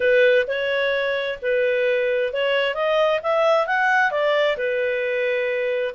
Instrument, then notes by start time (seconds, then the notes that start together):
clarinet
0.00 B4
0.47 C#5
1.42 B4
2.33 C#5
2.74 D#5
3.22 E5
3.66 F#5
4.11 D5
4.57 B4